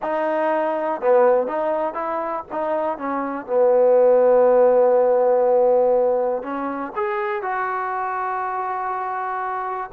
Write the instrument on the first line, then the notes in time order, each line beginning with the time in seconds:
trombone
0.02 D#4
1.01 B3
1.47 D#4
1.93 E4
2.51 D#4
2.98 C#4
3.46 B3
6.42 C#4
6.95 G#4
7.42 F#4